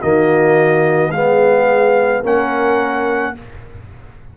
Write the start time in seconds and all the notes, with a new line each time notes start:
0.00 D#3 A#3 F#4 D#5
1.11 G#3 B3 G#4 F5
2.21 A#3 C#4 A#4 F#5